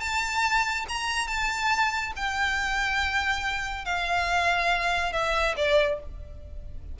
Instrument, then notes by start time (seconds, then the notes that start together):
violin
0.00 A5
0.88 A#5
1.27 A5
2.16 G5
3.85 F5
5.12 E5
5.56 D5